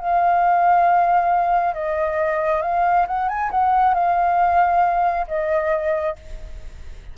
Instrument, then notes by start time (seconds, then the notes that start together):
flute
0.00 F5
1.74 D#5
2.62 F5
3.08 F#5
3.29 G#5
3.51 F#5
3.95 F5
5.28 D#5